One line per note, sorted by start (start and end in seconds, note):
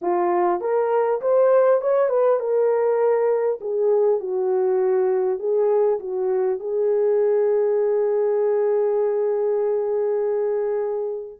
0.01 0.60 F4
0.60 1.20 A#4
1.21 1.81 C5
1.81 2.09 C#5
2.09 2.39 B4
2.39 3.59 A#4
3.60 4.20 G#4
4.20 5.39 F#4
5.39 5.99 G#4
5.99 6.59 F#4
6.59 11.39 G#4